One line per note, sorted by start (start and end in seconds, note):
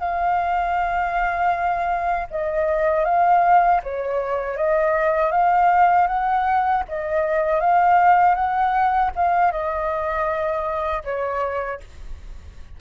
0.00 2.28 F5
2.31 3.05 D#5
3.05 3.81 F5
3.84 4.57 C#5
4.57 5.32 D#5
5.32 6.08 F5
6.08 6.84 F#5
6.89 7.61 D#5
7.61 8.35 F5
8.35 9.11 F#5
9.16 9.52 F5
9.52 11.04 D#5
11.04 11.80 C#5